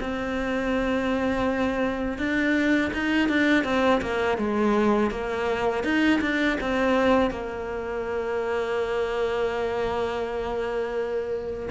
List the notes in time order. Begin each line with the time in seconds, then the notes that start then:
0.00 C4
2.18 D4
2.93 D#4
3.28 D4
3.64 C4
4.01 A#3
4.37 G#3
5.10 A#3
5.83 D#4
6.21 D4
6.61 C4
7.30 A#3